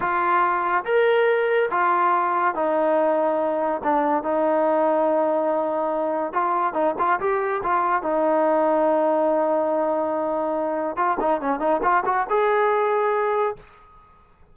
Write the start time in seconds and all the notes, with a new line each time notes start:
0.00 F4
0.84 A#4
1.70 F4
2.55 D#4
3.83 D4
4.23 D#4
6.32 F4
6.73 D#4
6.98 F4
7.19 G4
7.63 F4
8.02 D#4
10.96 F4
11.20 D#4
11.40 C#4
11.59 D#4
11.82 F4
12.05 F#4
12.29 G#4